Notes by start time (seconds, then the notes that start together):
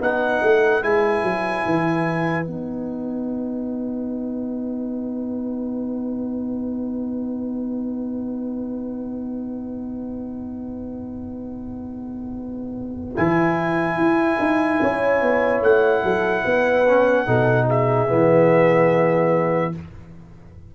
0.00 B3 D#4 B4 F#5
0.42 A3
0.82 G#3 E4 G#5
1.23 F#3
1.65 E3
2.44 B3 D#4 F#5
13.15 E3 E4 G#5
13.96 E4
14.39 D#4
14.82 C#4 C#5
15.21 B3
15.61 A3 F#5
16.03 F#3 A4
16.44 B3 B4
16.88 C#4
17.26 B2 D#4 A4
17.67 G#4 E5
18.07 E3 B3